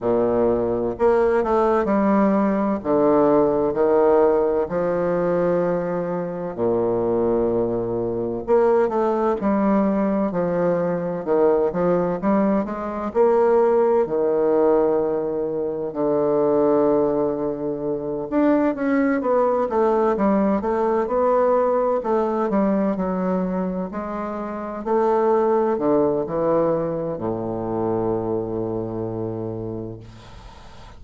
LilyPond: \new Staff \with { instrumentName = "bassoon" } { \time 4/4 \tempo 4 = 64 ais,4 ais8 a8 g4 d4 | dis4 f2 ais,4~ | ais,4 ais8 a8 g4 f4 | dis8 f8 g8 gis8 ais4 dis4~ |
dis4 d2~ d8 d'8 | cis'8 b8 a8 g8 a8 b4 a8 | g8 fis4 gis4 a4 d8 | e4 a,2. | }